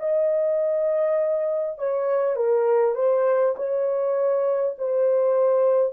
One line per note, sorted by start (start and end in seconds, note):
0.00 1.78 D#5
1.78 2.36 C#5
2.36 2.95 A#4
2.95 3.55 C5
3.57 4.77 C#5
4.78 5.93 C5